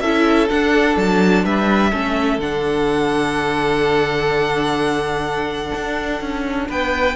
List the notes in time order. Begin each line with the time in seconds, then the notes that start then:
0.00 C#4 E4 A4 E5
0.49 D4 F#5
0.97 F#3 A5
1.44 G3 B4 E5
1.91 A3 C#4 A4
2.38 D3 D4 F#5
5.74 D4
6.21 C#4
6.68 B3 B4 G5